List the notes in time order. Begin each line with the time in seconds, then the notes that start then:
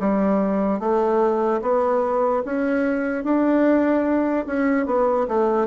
0.00 G3
0.80 A3
1.62 B3
2.45 C#4
3.24 D4
4.47 C#4
4.86 B3
5.28 A3